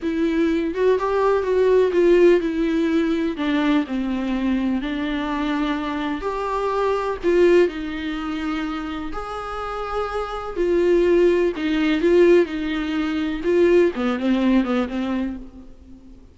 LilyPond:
\new Staff \with { instrumentName = "viola" } { \time 4/4 \tempo 4 = 125 e'4. fis'8 g'4 fis'4 | f'4 e'2 d'4 | c'2 d'2~ | d'4 g'2 f'4 |
dis'2. gis'4~ | gis'2 f'2 | dis'4 f'4 dis'2 | f'4 b8 c'4 b8 c'4 | }